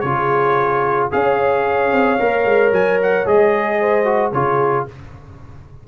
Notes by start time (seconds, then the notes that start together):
0.00 C#3 F4 G#4 C#5
1.11 C#4 G#4 C#5 F5
1.92 C4
2.19 A#3 A#4
2.45 G#3
2.72 F#3 G#5
3.02 F#5
3.26 G#3 G#4 D#5
3.80 C5
4.04 F#4
4.32 C#3 F4 G#4 C#5